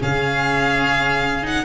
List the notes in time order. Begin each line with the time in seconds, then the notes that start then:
0.00 C#3 C#4 G#4 F5
1.43 D#4 F#5